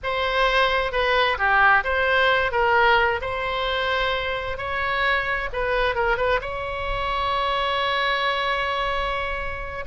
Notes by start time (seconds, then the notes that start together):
0.03 C5
0.92 B4
1.37 G4
1.84 C5
2.51 A#4
3.21 C5
4.57 C#5
5.52 B4
5.95 A#4
6.17 B4
6.41 C#5